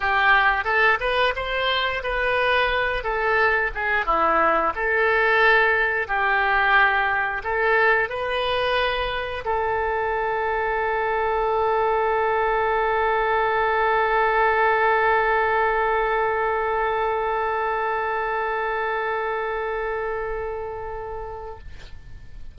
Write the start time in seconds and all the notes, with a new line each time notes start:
0.00 G4
0.64 A4
1.00 B4
1.35 C5
2.03 B4
3.03 A4
3.74 G#4
4.05 E4
4.75 A4
6.07 G4
7.43 A4
8.09 B4
9.44 A4